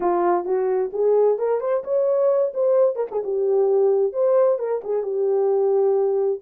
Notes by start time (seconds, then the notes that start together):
0.00 F4
0.45 F#4
0.92 G#4
1.38 A#4
1.60 C5
1.84 C#5
2.53 C5
2.95 A#4
3.11 G#4
3.23 G4
4.12 C5
4.58 A#4
4.84 G#4
5.03 G4